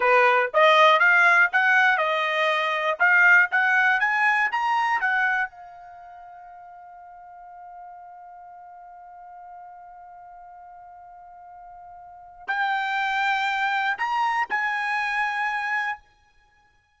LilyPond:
\new Staff \with { instrumentName = "trumpet" } { \time 4/4 \tempo 4 = 120 b'4 dis''4 f''4 fis''4 | dis''2 f''4 fis''4 | gis''4 ais''4 fis''4 f''4~ | f''1~ |
f''1~ | f''1~ | f''4 g''2. | ais''4 gis''2. | }